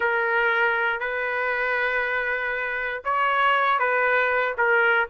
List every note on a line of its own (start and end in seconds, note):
0.00 1.00 A#4
1.00 3.03 B4
3.04 3.79 C#5
3.79 4.55 B4
4.57 5.08 A#4